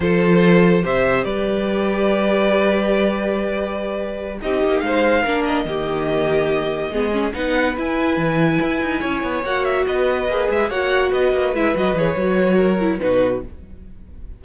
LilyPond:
<<
  \new Staff \with { instrumentName = "violin" } { \time 4/4 \tempo 4 = 143 c''2 e''4 d''4~ | d''1~ | d''2~ d''8 dis''4 f''8~ | f''4 dis''2.~ |
dis''4. fis''4 gis''4.~ | gis''2~ gis''8 fis''8 e''8 dis''8~ | dis''4 e''8 fis''4 dis''4 e''8 | dis''8 cis''2~ cis''8 b'4 | }
  \new Staff \with { instrumentName = "violin" } { \time 4/4 a'2 c''4 b'4~ | b'1~ | b'2~ b'8 g'4 c''8~ | c''8 ais'4 g'2~ g'8~ |
g'8 gis'4 b'2~ b'8~ | b'4. cis''2 b'8~ | b'4. cis''4 b'4.~ | b'2 ais'4 fis'4 | }
  \new Staff \with { instrumentName = "viola" } { \time 4/4 f'2 g'2~ | g'1~ | g'2~ g'8 dis'4.~ | dis'8 d'4 ais2~ ais8~ |
ais8 b8 cis'8 dis'4 e'4.~ | e'2~ e'8 fis'4.~ | fis'8 gis'4 fis'2 e'8 | fis'8 gis'8 fis'4. e'8 dis'4 | }
  \new Staff \with { instrumentName = "cello" } { \time 4/4 f2 c4 g4~ | g1~ | g2~ g8 c'8 ais8 gis8~ | gis8 ais4 dis2~ dis8~ |
dis8 gis4 b4 e'4 e8~ | e8 e'8 dis'8 cis'8 b8 ais4 b8~ | b8 ais8 gis8 ais4 b8 ais8 gis8 | fis8 e8 fis2 b,4 | }
>>